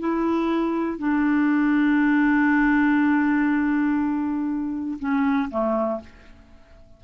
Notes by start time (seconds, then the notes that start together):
0.00 E4
0.99 D4
5.00 C#4
5.51 A3